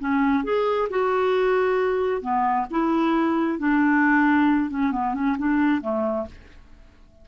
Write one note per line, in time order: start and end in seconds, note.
0.00 0.44 C#4
0.44 0.89 G#4
0.90 2.22 F#4
2.22 2.66 B3
2.71 3.59 E4
3.59 4.71 D4
4.71 4.92 C#4
4.92 5.14 B3
5.14 5.37 C#4
5.38 5.82 D4
5.82 6.26 A3